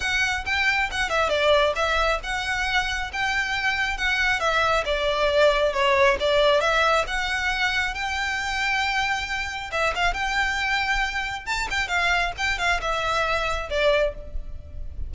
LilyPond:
\new Staff \with { instrumentName = "violin" } { \time 4/4 \tempo 4 = 136 fis''4 g''4 fis''8 e''8 d''4 | e''4 fis''2 g''4~ | g''4 fis''4 e''4 d''4~ | d''4 cis''4 d''4 e''4 |
fis''2 g''2~ | g''2 e''8 f''8 g''4~ | g''2 a''8 g''8 f''4 | g''8 f''8 e''2 d''4 | }